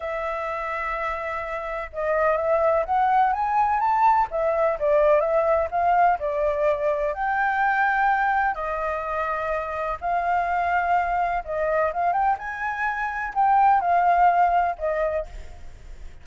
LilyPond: \new Staff \with { instrumentName = "flute" } { \time 4/4 \tempo 4 = 126 e''1 | dis''4 e''4 fis''4 gis''4 | a''4 e''4 d''4 e''4 | f''4 d''2 g''4~ |
g''2 dis''2~ | dis''4 f''2. | dis''4 f''8 g''8 gis''2 | g''4 f''2 dis''4 | }